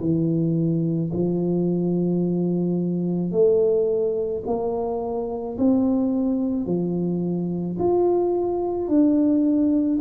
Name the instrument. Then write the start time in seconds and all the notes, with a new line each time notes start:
tuba
0.00 E3
1.13 F3
3.32 A3
4.46 A#3
5.58 C4
6.66 F3
7.79 F4
8.88 D4